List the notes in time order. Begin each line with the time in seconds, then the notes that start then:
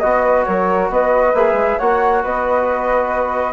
0.00 B3 F#4 D#5
0.23 B4
0.44 F#3 A#4 C#5
0.90 B3 B4 D#5
1.34 A#3 G#4 E5
1.54 G#3
1.78 A#3 F#4 C#5 F#5
2.23 B3 B4 D#5